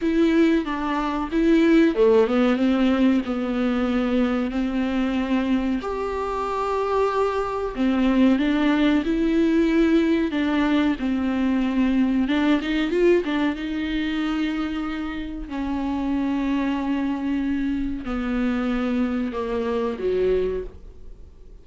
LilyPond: \new Staff \with { instrumentName = "viola" } { \time 4/4 \tempo 4 = 93 e'4 d'4 e'4 a8 b8 | c'4 b2 c'4~ | c'4 g'2. | c'4 d'4 e'2 |
d'4 c'2 d'8 dis'8 | f'8 d'8 dis'2. | cis'1 | b2 ais4 fis4 | }